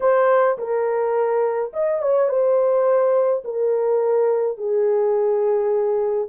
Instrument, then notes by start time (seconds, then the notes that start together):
horn
0.00 C5
0.58 A#4
1.73 D#5
2.02 C#5
2.28 C5
3.44 A#4
4.57 G#4